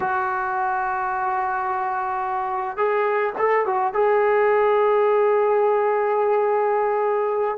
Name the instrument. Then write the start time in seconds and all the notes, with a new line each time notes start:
trombone
0.00 F#4
2.77 G#4
3.38 A4
3.66 F#4
3.93 G#4